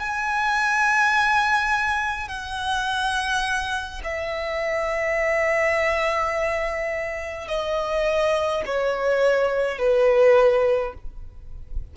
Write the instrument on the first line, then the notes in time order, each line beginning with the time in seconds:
violin
0.00 G#5
2.29 F#5
4.04 E5
7.48 D#5
8.66 C#5
9.79 B4